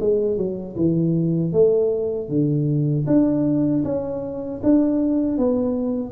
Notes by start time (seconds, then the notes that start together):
0.00 G#3
0.37 F#3
0.76 E3
1.52 A3
2.29 D3
3.07 D4
3.85 C#4
4.63 D4
5.38 B3